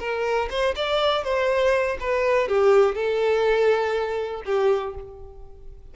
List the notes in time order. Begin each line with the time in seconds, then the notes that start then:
0.00 A#4
0.51 C5
0.76 D5
1.24 C5
2.01 B4
2.49 G4
2.96 A4
4.46 G4